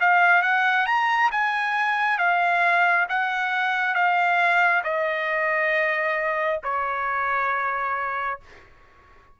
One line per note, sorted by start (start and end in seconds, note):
0.00 0.42 F5
0.42 0.86 F#5
0.86 1.30 A#5
1.31 2.18 G#5
2.18 3.06 F5
3.08 3.94 F#5
3.94 4.82 F5
4.83 6.60 D#5
6.63 8.39 C#5